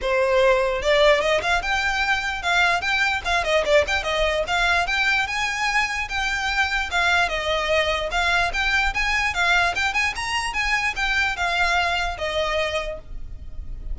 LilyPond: \new Staff \with { instrumentName = "violin" } { \time 4/4 \tempo 4 = 148 c''2 d''4 dis''8 f''8 | g''2 f''4 g''4 | f''8 dis''8 d''8 g''8 dis''4 f''4 | g''4 gis''2 g''4~ |
g''4 f''4 dis''2 | f''4 g''4 gis''4 f''4 | g''8 gis''8 ais''4 gis''4 g''4 | f''2 dis''2 | }